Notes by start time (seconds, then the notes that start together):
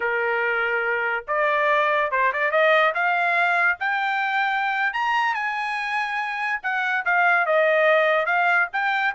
0.00 A#4
1.27 D5
2.11 C5
2.32 D5
2.51 D#5
2.94 F5
3.79 G5
4.93 A#5
5.34 G#5
6.62 F#5
7.05 F5
7.46 D#5
8.26 F5
8.72 G5